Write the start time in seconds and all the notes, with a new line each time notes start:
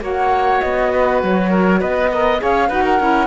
0.00 A#3 F#4 C#5 F#5
0.61 B3 D#5
0.92 B4
1.23 F#3 C#5
1.50 A#4
1.79 B3 B4 D#5
2.12 A#4 D#5
2.38 C#4 G#4 C#5 F5
2.68 D#4 F#4 B4 F#5
2.84 A#4
2.99 C#4 E4